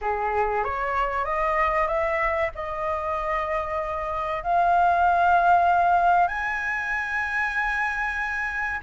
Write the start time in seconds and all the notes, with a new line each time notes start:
0.01 G#4
0.63 C#5
1.25 D#5
1.87 E5
2.54 D#5
4.43 F5
6.27 G#5